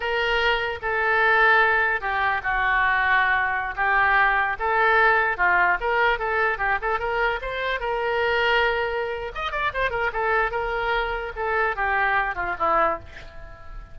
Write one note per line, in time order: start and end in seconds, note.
0.00 0.79 A#4
0.81 2.00 A4
2.00 2.41 G4
2.43 3.74 F#4
3.76 4.57 G4
4.59 5.37 A4
5.37 5.77 F4
5.80 6.18 A#4
6.18 6.58 A4
6.58 6.78 G4
6.81 6.99 A4
6.99 7.39 A#4
7.41 7.80 C5
7.80 9.32 A#4
9.34 9.51 D#5
9.51 9.71 D5
9.73 9.90 C5
9.90 10.10 A#4
10.12 10.51 A4
10.51 11.32 A#4
11.36 11.76 A4
11.76 12.35 G4
12.35 12.55 F4
12.58 12.99 E4